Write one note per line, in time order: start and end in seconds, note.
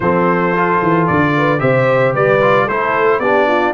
0.00 0.80 F3
0.00 0.55 C4
0.00 1.35 A4
0.00 1.06 C5
0.55 1.58 F4
0.82 1.09 E3
1.06 1.61 D3
1.06 1.59 D5
1.37 1.60 B4
1.58 2.15 C3
1.58 2.39 G4
1.58 2.14 C5
1.58 2.13 E5
2.14 2.68 G3
2.14 2.65 B4
2.14 2.68 D5
2.41 2.68 F4
2.65 3.19 A3
2.65 3.22 E4
2.65 3.19 A4
2.65 3.19 C5
3.19 3.72 B3
3.19 3.73 D4
3.19 3.47 G4
3.19 3.73 D5
3.47 3.73 F4